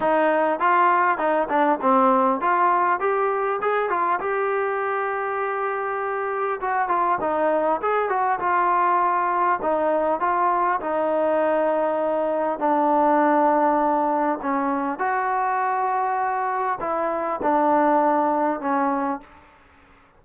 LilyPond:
\new Staff \with { instrumentName = "trombone" } { \time 4/4 \tempo 4 = 100 dis'4 f'4 dis'8 d'8 c'4 | f'4 g'4 gis'8 f'8 g'4~ | g'2. fis'8 f'8 | dis'4 gis'8 fis'8 f'2 |
dis'4 f'4 dis'2~ | dis'4 d'2. | cis'4 fis'2. | e'4 d'2 cis'4 | }